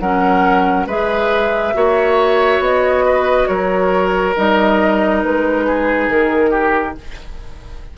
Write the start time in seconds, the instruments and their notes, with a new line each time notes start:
0.00 bassoon F#3, clarinet C#4, oboe A#4, flute F#5
0.86 bassoon G#3, clarinet G#4, oboe B4, flute E5
1.74 bassoon A#3, clarinet F#4, oboe C#5
2.59 bassoon B3, flute D#5
3.05 oboe B4
3.47 bassoon F#3, oboe A#4, flute C#5
4.36 bassoon G3, clarinet D#4, flute D#5
5.24 bassoon G#3, flute B4
5.66 oboe G#4
6.08 bassoon D#3, flute A#4
6.51 oboe G4